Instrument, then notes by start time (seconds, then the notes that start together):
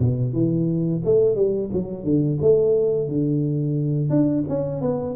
tuba
0.00 B2
0.34 E3
1.05 A3
1.36 G3
1.73 F#3
2.04 D3
2.42 A3
3.08 D3
4.10 D4
4.49 C#4
4.82 B3